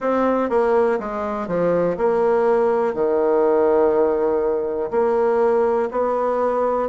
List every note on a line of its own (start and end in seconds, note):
0.00 0.49 C4
0.49 0.98 A#3
0.99 1.48 G#3
1.48 1.97 F3
1.97 2.93 A#3
2.93 4.90 D#3
4.90 5.89 A#3
5.91 6.89 B3